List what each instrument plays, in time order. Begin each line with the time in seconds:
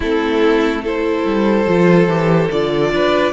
0.00 cello A3, viola C4, violin E4 A4
0.83 viola E4, violin A4 C5
1.25 cello G3
1.66 cello F3, viola F4
2.07 cello E3, viola G4
2.51 cello D3, viola F4, violin D5
2.91 cello D4, violin B4